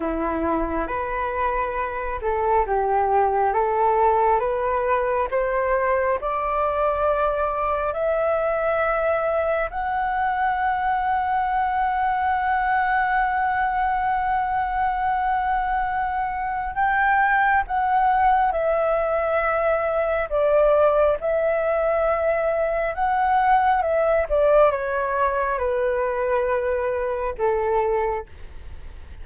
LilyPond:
\new Staff \with { instrumentName = "flute" } { \time 4/4 \tempo 4 = 68 e'4 b'4. a'8 g'4 | a'4 b'4 c''4 d''4~ | d''4 e''2 fis''4~ | fis''1~ |
fis''2. g''4 | fis''4 e''2 d''4 | e''2 fis''4 e''8 d''8 | cis''4 b'2 a'4 | }